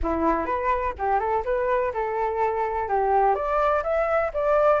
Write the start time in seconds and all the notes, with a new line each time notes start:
0.02 E4
0.45 B4
0.98 G4
1.19 A4
1.44 B4
1.93 A4
2.88 G4
3.34 D5
3.83 E5
4.33 D5